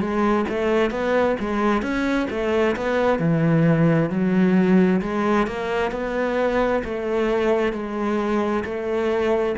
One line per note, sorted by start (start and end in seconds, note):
0.00 0.45 G#3
0.49 0.91 A3
0.91 1.36 B3
1.40 1.82 G#3
1.82 2.28 C#4
2.30 2.76 A3
2.76 3.19 B3
3.19 4.10 E3
4.10 5.01 F#3
5.02 5.47 G#3
5.47 5.92 A#3
5.92 6.83 B3
6.84 7.73 A3
7.73 8.64 G#3
8.64 9.55 A3